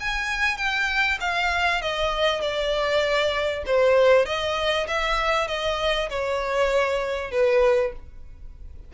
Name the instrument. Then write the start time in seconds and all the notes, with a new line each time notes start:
violin
0.00 G#5
0.57 G5
1.20 F5
1.81 D#5
2.41 D5
3.66 C5
4.26 D#5
4.87 E5
5.48 D#5
6.10 C#5
7.31 B4